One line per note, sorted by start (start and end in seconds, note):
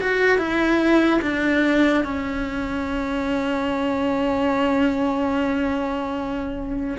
0.00 0.38 F#4
0.38 1.20 E4
1.21 2.04 D4
2.04 6.97 C#4